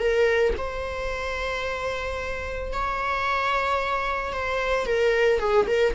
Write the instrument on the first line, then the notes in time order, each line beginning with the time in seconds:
viola
0.00 A#4
0.58 C5
2.73 C#5
4.33 C5
4.86 A#4
5.40 G#4
5.67 A#4